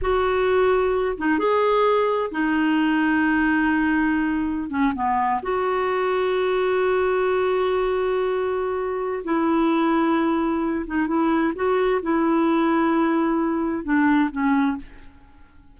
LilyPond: \new Staff \with { instrumentName = "clarinet" } { \time 4/4 \tempo 4 = 130 fis'2~ fis'8 dis'8 gis'4~ | gis'4 dis'2.~ | dis'2~ dis'16 cis'8 b4 fis'16~ | fis'1~ |
fis'1 | e'2.~ e'8 dis'8 | e'4 fis'4 e'2~ | e'2 d'4 cis'4 | }